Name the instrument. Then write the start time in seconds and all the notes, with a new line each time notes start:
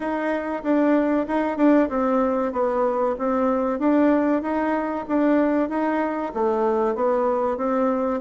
bassoon
0.00 D#4
0.63 D4
1.27 D#4
1.57 D4
1.89 C4
2.52 B3
3.18 C4
3.79 D4
4.42 D#4
5.08 D4
5.69 D#4
6.34 A3
6.95 B3
7.57 C4